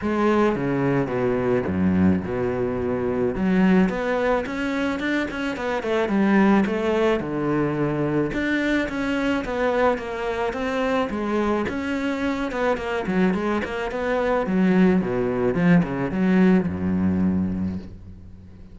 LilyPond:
\new Staff \with { instrumentName = "cello" } { \time 4/4 \tempo 4 = 108 gis4 cis4 b,4 fis,4 | b,2 fis4 b4 | cis'4 d'8 cis'8 b8 a8 g4 | a4 d2 d'4 |
cis'4 b4 ais4 c'4 | gis4 cis'4. b8 ais8 fis8 | gis8 ais8 b4 fis4 b,4 | f8 cis8 fis4 fis,2 | }